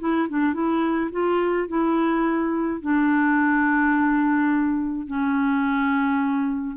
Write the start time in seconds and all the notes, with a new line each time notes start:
0.00 E4
0.29 D4
0.54 E4
1.12 F4
1.69 E4
2.82 D4
5.07 C#4